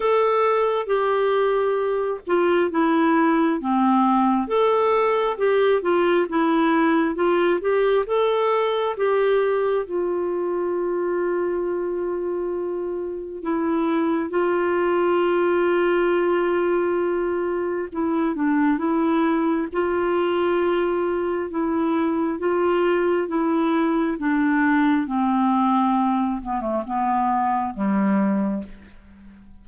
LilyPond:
\new Staff \with { instrumentName = "clarinet" } { \time 4/4 \tempo 4 = 67 a'4 g'4. f'8 e'4 | c'4 a'4 g'8 f'8 e'4 | f'8 g'8 a'4 g'4 f'4~ | f'2. e'4 |
f'1 | e'8 d'8 e'4 f'2 | e'4 f'4 e'4 d'4 | c'4. b16 a16 b4 g4 | }